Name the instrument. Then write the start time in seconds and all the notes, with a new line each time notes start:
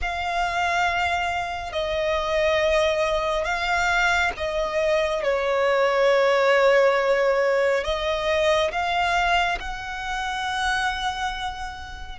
violin
0.01 F5
1.72 D#5
3.44 F5
4.36 D#5
5.23 C#5
7.84 D#5
8.71 F5
9.59 F#5